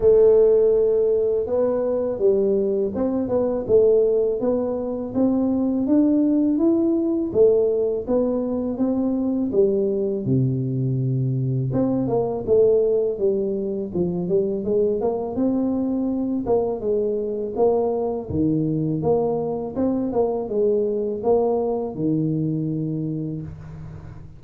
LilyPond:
\new Staff \with { instrumentName = "tuba" } { \time 4/4 \tempo 4 = 82 a2 b4 g4 | c'8 b8 a4 b4 c'4 | d'4 e'4 a4 b4 | c'4 g4 c2 |
c'8 ais8 a4 g4 f8 g8 | gis8 ais8 c'4. ais8 gis4 | ais4 dis4 ais4 c'8 ais8 | gis4 ais4 dis2 | }